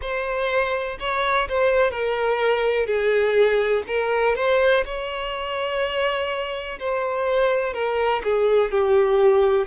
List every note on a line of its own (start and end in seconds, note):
0.01 0.98 C5
0.99 1.47 C#5
1.49 1.90 C5
1.90 2.86 A#4
2.86 3.83 G#4
3.87 4.35 A#4
4.35 4.84 C5
4.85 6.78 C#5
6.79 7.73 C5
7.73 8.22 A#4
8.23 8.71 G#4
8.71 9.66 G4